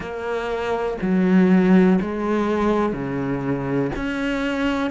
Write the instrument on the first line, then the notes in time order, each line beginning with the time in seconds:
cello
0.00 A#3
1.01 F#3
2.01 G#3
2.92 C#3
3.95 C#4